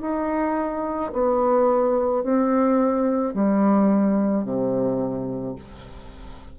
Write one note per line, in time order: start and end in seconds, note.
0.00 1.11 D#4
1.12 2.23 B3
2.23 3.33 C4
3.33 4.44 G3
4.44 5.55 C3